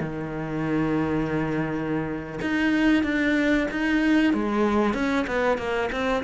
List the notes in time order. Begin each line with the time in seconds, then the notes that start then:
0.00 D#3
2.41 D#4
3.03 D4
3.71 D#4
4.33 G#3
4.94 C#4
5.27 B3
5.58 A#3
5.92 C4